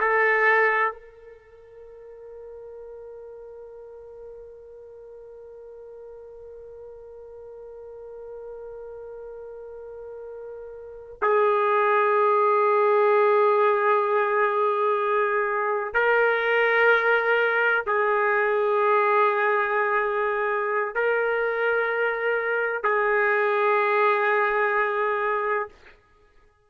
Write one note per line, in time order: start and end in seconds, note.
0.00 0.92 A4
0.92 11.16 A#4
11.21 15.94 G#4
15.94 17.84 A#4
17.86 20.94 G#4
20.94 22.83 A#4
22.83 25.68 G#4